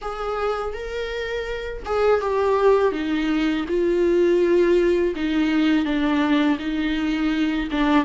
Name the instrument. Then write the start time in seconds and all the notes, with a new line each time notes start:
viola
0.01 G#4
0.73 A#4
1.85 G#4
2.21 G4
2.91 D#4
3.68 F4
5.15 D#4
5.85 D4
6.58 D#4
7.71 D4